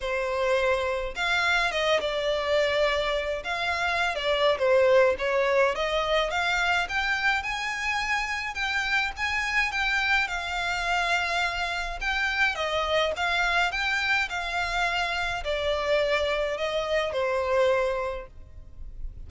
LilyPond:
\new Staff \with { instrumentName = "violin" } { \time 4/4 \tempo 4 = 105 c''2 f''4 dis''8 d''8~ | d''2 f''4~ f''16 d''8. | c''4 cis''4 dis''4 f''4 | g''4 gis''2 g''4 |
gis''4 g''4 f''2~ | f''4 g''4 dis''4 f''4 | g''4 f''2 d''4~ | d''4 dis''4 c''2 | }